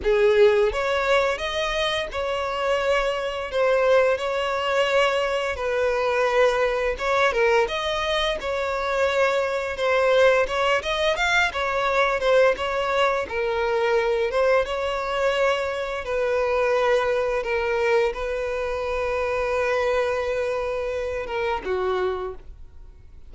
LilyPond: \new Staff \with { instrumentName = "violin" } { \time 4/4 \tempo 4 = 86 gis'4 cis''4 dis''4 cis''4~ | cis''4 c''4 cis''2 | b'2 cis''8 ais'8 dis''4 | cis''2 c''4 cis''8 dis''8 |
f''8 cis''4 c''8 cis''4 ais'4~ | ais'8 c''8 cis''2 b'4~ | b'4 ais'4 b'2~ | b'2~ b'8 ais'8 fis'4 | }